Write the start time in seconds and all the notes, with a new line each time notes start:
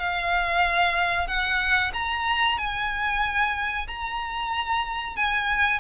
0.00 F5
1.28 F#5
1.94 A#5
2.58 G#5
3.88 A#5
5.17 G#5